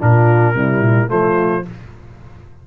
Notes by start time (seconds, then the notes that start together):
0.00 A#2 D4 F4 A#4
0.55 C3 G3 E4
0.81 A#2
1.08 F3 A3 F4 C5